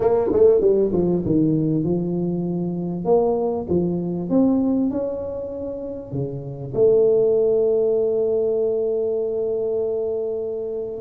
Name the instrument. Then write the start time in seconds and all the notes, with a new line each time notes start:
tuba
0.00 A#3
0.32 A3
0.60 G3
0.92 F3
1.25 D#3
1.83 F3
3.04 A#3
3.69 F3
4.29 C4
4.90 C#4
6.11 C#3
6.74 A3